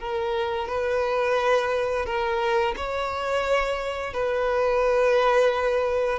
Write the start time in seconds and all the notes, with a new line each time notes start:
0.00 A#4
0.68 B4
2.06 A#4
2.77 C#5
4.13 B4